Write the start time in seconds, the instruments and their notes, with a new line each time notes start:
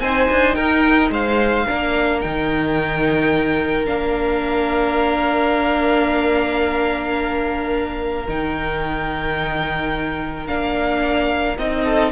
0.00 cello C4, viola D#4, violin C5 G#5
0.30 cello D4
0.54 cello D#4, violin A#4 G5
1.10 cello G#3, violin C5 F5
1.67 cello A#3, viola D4, violin A#4
2.21 cello D#3, viola D#4, violin G5
3.85 cello A#3, viola D4, violin F5
8.28 cello D#3, viola D#4, violin G5
10.47 cello A#3, viola D4, violin F5
11.58 cello C4, viola D#4, violin D#5
11.84 violin A4